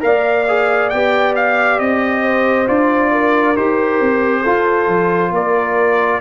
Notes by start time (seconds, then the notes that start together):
0.00 A#3 A#4 D5 F5
0.48 G#4
0.90 B3 G4 G5
1.35 F5
1.79 C4 D#5
2.23 C5
2.67 D4 F4 D5
3.12 A#4
3.56 D#4 G4 C5
4.00 C4
4.42 F4 A4
4.87 F3
5.31 A#3 A#4 D5